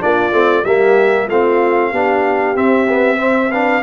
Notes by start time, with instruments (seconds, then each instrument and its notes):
0.00 tuba A#3, trombone D4, horn F4, trumpet D5
0.31 tuba A3, trombone C4
0.64 tuba G3, trombone A#3, horn G4, trumpet E5
1.27 tuba A3, trombone C4, horn F4, trumpet F5
1.91 tuba B3, trombone D4, horn G4
2.55 trombone C4, tuba C4, trumpet E5
2.88 trombone B3
3.18 trombone C4, horn C5
3.51 trombone D4, horn B4, trumpet F5